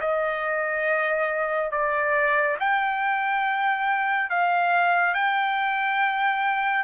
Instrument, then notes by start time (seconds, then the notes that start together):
trumpet
0.00 D#5
1.71 D5
2.59 G5
4.29 F5
5.14 G5